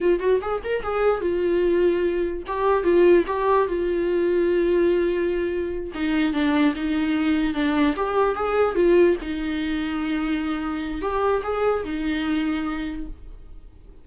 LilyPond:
\new Staff \with { instrumentName = "viola" } { \time 4/4 \tempo 4 = 147 f'8 fis'8 gis'8 ais'8 gis'4 f'4~ | f'2 g'4 f'4 | g'4 f'2.~ | f'2~ f'8 dis'4 d'8~ |
d'8 dis'2 d'4 g'8~ | g'8 gis'4 f'4 dis'4.~ | dis'2. g'4 | gis'4 dis'2. | }